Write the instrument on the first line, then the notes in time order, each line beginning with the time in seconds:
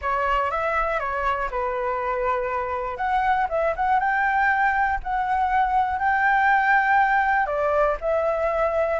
flute
0.01 C#5
0.50 E5
0.99 C#5
1.50 B4
2.97 F#5
3.49 E5
3.76 F#5
3.99 G5
5.02 F#5
5.99 G5
7.46 D5
8.00 E5